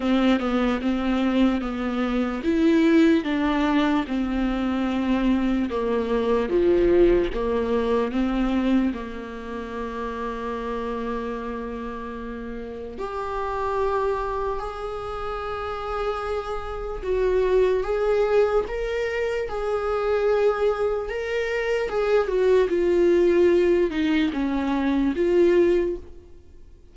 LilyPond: \new Staff \with { instrumentName = "viola" } { \time 4/4 \tempo 4 = 74 c'8 b8 c'4 b4 e'4 | d'4 c'2 ais4 | f4 ais4 c'4 ais4~ | ais1 |
g'2 gis'2~ | gis'4 fis'4 gis'4 ais'4 | gis'2 ais'4 gis'8 fis'8 | f'4. dis'8 cis'4 f'4 | }